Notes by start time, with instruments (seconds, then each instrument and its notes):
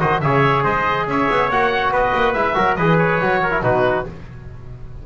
0.00 double bass D#3, trombone F#4, trumpet C5, oboe D#5
0.21 double bass C#3, trombone G#4, trumpet C#5, oboe E5
0.64 double bass G#3, trumpet C5, oboe D#5
1.07 double bass C#4, trumpet C#5, oboe E5
1.30 double bass B3
1.50 double bass A#3, trombone F#4, oboe F#5
1.91 double bass B3, trumpet B4, oboe D#5
2.15 double bass A#3
2.33 double bass G#3, trombone E4, oboe E5
2.55 double bass F#3, trombone F#4, trumpet A#4
2.76 double bass E3, trombone G#4, trumpet B4, oboe D#5
2.99 oboe C#5
3.21 double bass F#3, trombone F#4
3.43 trumpet A#4
3.51 trombone E4
3.62 double bass B2, trombone D#4, trumpet F#4, oboe B4